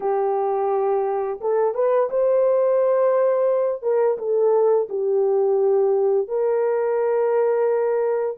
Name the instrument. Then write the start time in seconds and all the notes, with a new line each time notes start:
horn
0.00 G4
1.40 A4
1.74 B4
2.10 C5
3.82 A#4
4.18 A4
4.89 G4
6.28 A#4